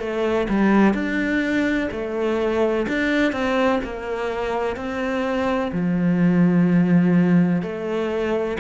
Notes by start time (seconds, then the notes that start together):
0.00 A3
0.49 G3
0.94 D4
1.91 A3
2.88 D4
3.32 C4
3.84 A#3
4.76 C4
5.72 F3
7.62 A3